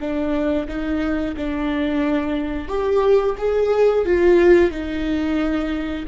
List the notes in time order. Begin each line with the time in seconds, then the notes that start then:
0.00 D4
0.68 D#4
1.36 D4
2.68 G4
3.38 G#4
4.05 F4
4.71 D#4